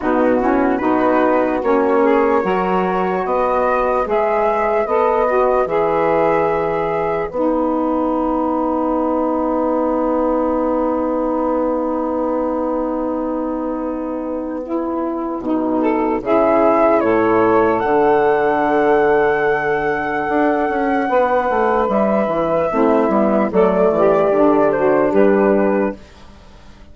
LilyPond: <<
  \new Staff \with { instrumentName = "flute" } { \time 4/4 \tempo 4 = 74 fis'4 b'4 cis''2 | dis''4 e''4 dis''4 e''4~ | e''4 fis''2.~ | fis''1~ |
fis''1 | e''4 cis''4 fis''2~ | fis''2. e''4~ | e''4 d''4. c''8 b'4 | }
  \new Staff \with { instrumentName = "saxophone" } { \time 4/4 dis'8 e'8 fis'4. gis'8 ais'4 | b'1~ | b'1~ | b'1~ |
b'2.~ b'8 a'8 | gis'4 a'2.~ | a'2 b'2 | e'4 a'8 g'4 fis'8 g'4 | }
  \new Staff \with { instrumentName = "saxophone" } { \time 4/4 b8 cis'8 dis'4 cis'4 fis'4~ | fis'4 gis'4 a'8 fis'8 gis'4~ | gis'4 dis'2.~ | dis'1~ |
dis'2 e'4 dis'4 | e'2 d'2~ | d'1 | c'8 b8 a4 d'2 | }
  \new Staff \with { instrumentName = "bassoon" } { \time 4/4 b,4 b4 ais4 fis4 | b4 gis4 b4 e4~ | e4 b2.~ | b1~ |
b2. b,4 | cis4 a,4 d2~ | d4 d'8 cis'8 b8 a8 g8 e8 | a8 g8 fis8 e8 d4 g4 | }
>>